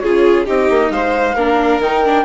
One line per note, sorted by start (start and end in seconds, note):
0.00 0.48 C#3
0.00 0.46 F4
0.00 0.46 G#4
0.00 0.45 C#5
0.46 0.70 C4
0.46 1.36 D#4
0.46 0.91 G4
0.46 0.92 D#5
0.70 0.91 A#3
0.91 1.35 G#3
0.91 1.35 C5
0.91 1.81 F5
1.35 1.79 A#3
1.35 1.83 D4
1.35 2.25 A#4
1.79 2.24 D#3
1.79 2.05 D#4
1.79 2.26 G5
2.05 2.26 D4